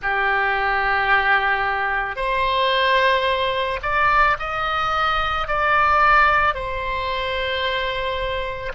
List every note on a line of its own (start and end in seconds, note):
0.02 2.15 G4
2.15 3.79 C5
3.82 4.36 D5
4.39 5.47 D#5
5.47 6.54 D5
6.54 8.72 C5